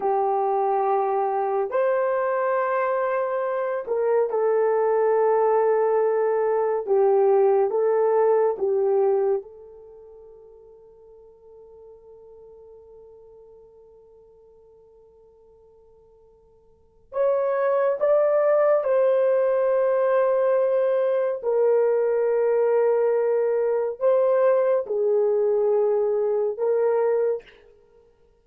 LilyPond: \new Staff \with { instrumentName = "horn" } { \time 4/4 \tempo 4 = 70 g'2 c''2~ | c''8 ais'8 a'2. | g'4 a'4 g'4 a'4~ | a'1~ |
a'1 | cis''4 d''4 c''2~ | c''4 ais'2. | c''4 gis'2 ais'4 | }